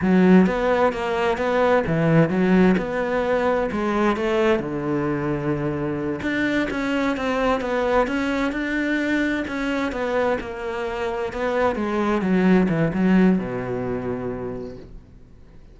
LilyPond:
\new Staff \with { instrumentName = "cello" } { \time 4/4 \tempo 4 = 130 fis4 b4 ais4 b4 | e4 fis4 b2 | gis4 a4 d2~ | d4. d'4 cis'4 c'8~ |
c'8 b4 cis'4 d'4.~ | d'8 cis'4 b4 ais4.~ | ais8 b4 gis4 fis4 e8 | fis4 b,2. | }